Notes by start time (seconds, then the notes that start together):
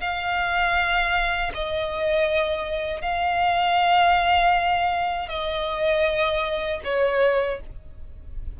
0.00 F5
1.54 D#5
3.01 F5
5.29 D#5
6.84 C#5